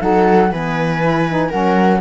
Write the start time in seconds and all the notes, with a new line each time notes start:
0.00 F#3 D#4 A4 F#5
0.52 E3 B3 B4 G#5
1.02 E4
1.30 D#4
1.49 F#3 C#4 A#4 F#5